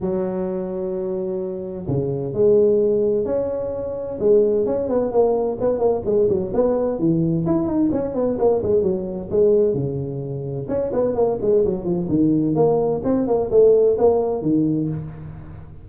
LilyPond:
\new Staff \with { instrumentName = "tuba" } { \time 4/4 \tempo 4 = 129 fis1 | cis4 gis2 cis'4~ | cis'4 gis4 cis'8 b8 ais4 | b8 ais8 gis8 fis8 b4 e4 |
e'8 dis'8 cis'8 b8 ais8 gis8 fis4 | gis4 cis2 cis'8 b8 | ais8 gis8 fis8 f8 dis4 ais4 | c'8 ais8 a4 ais4 dis4 | }